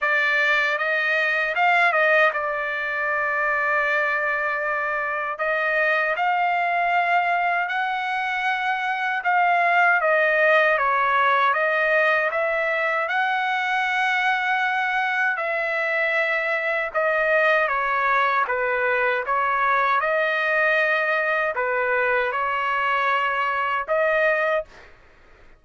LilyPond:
\new Staff \with { instrumentName = "trumpet" } { \time 4/4 \tempo 4 = 78 d''4 dis''4 f''8 dis''8 d''4~ | d''2. dis''4 | f''2 fis''2 | f''4 dis''4 cis''4 dis''4 |
e''4 fis''2. | e''2 dis''4 cis''4 | b'4 cis''4 dis''2 | b'4 cis''2 dis''4 | }